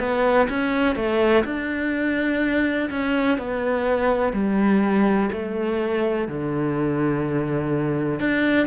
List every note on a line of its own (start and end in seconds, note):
0.00 0.48 B3
0.50 0.96 C#4
0.96 1.44 A3
1.45 2.90 D4
2.90 3.38 C#4
3.38 4.33 B3
4.33 5.30 G3
5.33 6.28 A3
6.28 8.20 D3
8.20 8.67 D4